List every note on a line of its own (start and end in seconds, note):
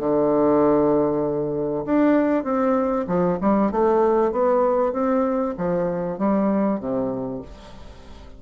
0.00 1.86 D3
1.86 2.44 D4
2.44 3.06 C4
3.08 3.39 F3
3.41 3.72 G3
3.72 4.32 A3
4.32 4.93 B3
4.93 5.55 C4
5.58 6.19 F3
6.19 6.80 G3
6.80 7.42 C3